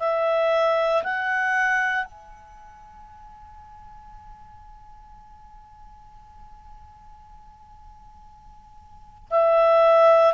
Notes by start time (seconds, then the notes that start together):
0.00 E5
1.03 F#5
2.05 G#5
9.31 E5